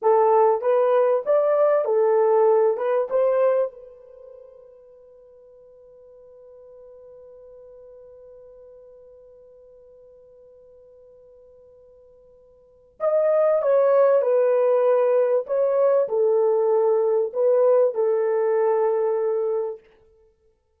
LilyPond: \new Staff \with { instrumentName = "horn" } { \time 4/4 \tempo 4 = 97 a'4 b'4 d''4 a'4~ | a'8 b'8 c''4 b'2~ | b'1~ | b'1~ |
b'1~ | b'4 dis''4 cis''4 b'4~ | b'4 cis''4 a'2 | b'4 a'2. | }